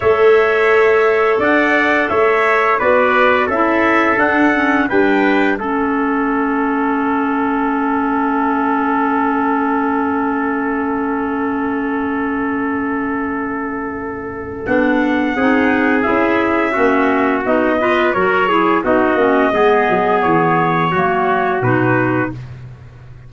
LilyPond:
<<
  \new Staff \with { instrumentName = "trumpet" } { \time 4/4 \tempo 4 = 86 e''2 fis''4 e''4 | d''4 e''4 fis''4 g''4 | e''1~ | e''1~ |
e''1~ | e''4 fis''2 e''4~ | e''4 dis''4 cis''4 dis''4~ | dis''4 cis''2 b'4 | }
  \new Staff \with { instrumentName = "trumpet" } { \time 4/4 cis''2 d''4 cis''4 | b'4 a'2 b'4 | a'1~ | a'1~ |
a'1~ | a'2 gis'2 | fis'4. b'8 ais'8 gis'8 fis'4 | gis'2 fis'2 | }
  \new Staff \with { instrumentName = "clarinet" } { \time 4/4 a'1 | fis'4 e'4 d'8 cis'8 d'4 | cis'1~ | cis'1~ |
cis'1~ | cis'4 d'4 dis'4 e'4 | cis'4 dis'8 f'8 fis'8 e'8 dis'8 cis'8 | b2 ais4 dis'4 | }
  \new Staff \with { instrumentName = "tuba" } { \time 4/4 a2 d'4 a4 | b4 cis'4 d'4 g4 | a1~ | a1~ |
a1~ | a4 b4 c'4 cis'4 | ais4 b4 fis4 b8 ais8 | gis8 fis8 e4 fis4 b,4 | }
>>